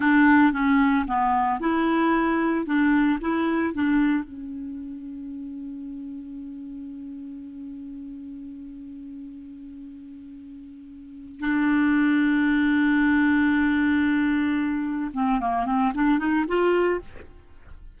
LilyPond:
\new Staff \with { instrumentName = "clarinet" } { \time 4/4 \tempo 4 = 113 d'4 cis'4 b4 e'4~ | e'4 d'4 e'4 d'4 | cis'1~ | cis'1~ |
cis'1~ | cis'4. d'2~ d'8~ | d'1~ | d'8 c'8 ais8 c'8 d'8 dis'8 f'4 | }